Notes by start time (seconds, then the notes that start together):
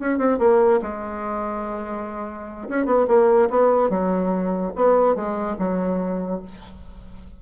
0.00 C#4
0.18 C4
0.39 A#3
0.83 G#3
2.69 C#4
2.86 B3
3.08 A#3
3.51 B3
3.90 F#3
4.76 B3
5.16 G#3
5.59 F#3